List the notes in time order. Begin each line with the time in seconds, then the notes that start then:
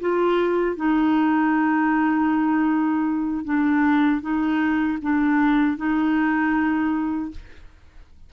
0.00 F4
0.76 D#4
3.44 D4
4.21 D#4
5.02 D4
5.77 D#4